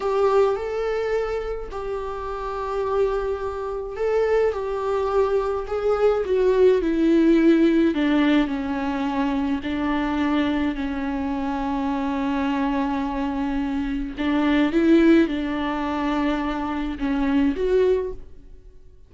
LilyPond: \new Staff \with { instrumentName = "viola" } { \time 4/4 \tempo 4 = 106 g'4 a'2 g'4~ | g'2. a'4 | g'2 gis'4 fis'4 | e'2 d'4 cis'4~ |
cis'4 d'2 cis'4~ | cis'1~ | cis'4 d'4 e'4 d'4~ | d'2 cis'4 fis'4 | }